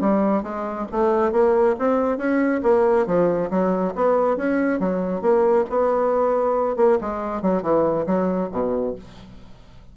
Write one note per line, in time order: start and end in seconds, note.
0.00 0.42 G3
0.42 0.86 G#3
0.91 1.32 A3
1.32 1.75 A#3
1.79 2.17 C4
2.17 2.61 C#4
2.63 3.06 A#3
3.06 3.50 F3
3.50 3.93 F#3
3.95 4.37 B3
4.37 4.79 C#4
4.79 5.21 F#3
5.21 5.65 A#3
5.69 6.76 B3
6.76 6.98 A#3
7.01 7.42 G#3
7.42 7.62 F#3
7.62 8.06 E3
8.06 8.49 F#3
8.51 8.95 B2